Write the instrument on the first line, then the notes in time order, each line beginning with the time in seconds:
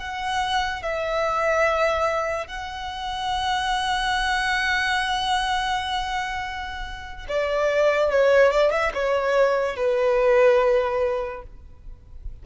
violin
0.00 F#5
0.83 E5
2.48 F#5
7.29 D5
8.11 C#5
8.52 D5
8.72 E5
8.95 C#5
9.77 B4